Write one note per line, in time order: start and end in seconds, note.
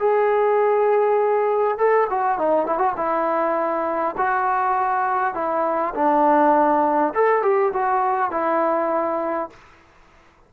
0.00 1.78 G#4
1.78 2.08 A4
2.10 2.38 F#4
2.38 2.67 D#4
2.67 2.78 E4
2.78 2.93 F#4
2.97 4.16 E4
4.18 5.35 F#4
5.35 5.94 E4
5.95 7.14 D4
7.14 7.43 A4
7.43 7.73 G4
7.74 8.31 F#4
8.31 9.50 E4